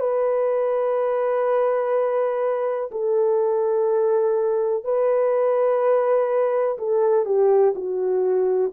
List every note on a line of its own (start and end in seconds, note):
0.00 2.90 B4
2.91 4.85 A4
4.85 6.78 B4
6.78 7.25 A4
7.25 7.74 G4
7.76 8.72 F#4